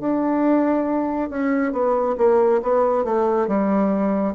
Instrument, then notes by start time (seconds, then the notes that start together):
bassoon
0.00 D4
1.30 C#4
1.72 B3
2.18 A#3
2.62 B3
3.04 A3
3.47 G3